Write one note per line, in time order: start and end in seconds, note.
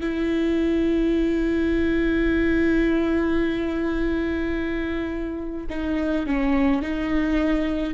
0.00 5.66 E4
5.70 6.26 D#4
6.26 6.82 C#4
6.82 7.93 D#4